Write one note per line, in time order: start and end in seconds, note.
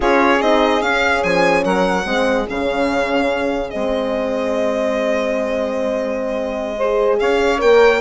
0.00 0.41 C#4
0.00 0.40 F4
0.00 1.63 G#4
0.00 0.41 C#5
0.41 0.82 C4
0.41 0.82 D#4
0.41 0.82 D#5
0.82 1.23 C#4
0.82 2.04 C#4
0.82 1.23 F5
1.23 1.65 F3
1.23 1.64 G#5
1.64 2.05 F#3
1.64 2.05 A#4
1.64 2.46 F#5
2.04 2.46 G#3
2.04 2.46 C4
2.04 6.77 G#4
2.47 3.73 C#3
2.47 3.70 C#4
2.47 3.69 F5
3.69 7.20 G#3
3.69 6.79 C4
3.69 7.19 D#5
6.77 7.58 G#4
6.77 7.18 C5
7.19 7.61 C#4
7.19 8.00 C#5
7.19 7.60 F5
7.58 8.00 A#3
7.58 7.99 A#4
7.58 8.00 G5